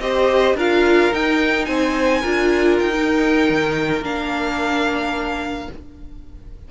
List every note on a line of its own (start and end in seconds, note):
0.00 0.55 C4
0.00 0.57 G4
0.00 0.56 C5
0.00 0.56 D#5
0.55 1.10 D4
0.55 1.13 F4
0.55 1.67 A#4
0.55 1.15 F5
1.13 2.23 D#4
1.13 1.68 D#4
1.13 1.66 G5
1.66 2.23 C4
1.66 2.21 C5
1.66 2.77 G#5
2.21 2.81 D4
2.21 2.93 F4
2.21 5.69 A#4
2.80 3.50 D#4
2.80 4.05 G5
2.94 4.03 D#4
3.50 4.02 D#3
4.02 5.68 A#3
4.02 5.70 D4
4.02 5.71 F5